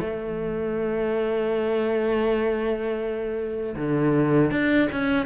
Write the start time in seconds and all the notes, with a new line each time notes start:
0.00 A3
3.76 D3
4.51 D4
4.92 C#4